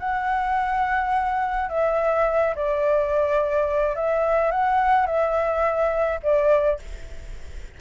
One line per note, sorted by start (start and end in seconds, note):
0.00 1.70 F#5
1.70 2.54 E5
2.56 3.96 D5
3.96 4.51 E5
4.51 5.07 F#5
5.07 6.20 E5
6.23 6.80 D5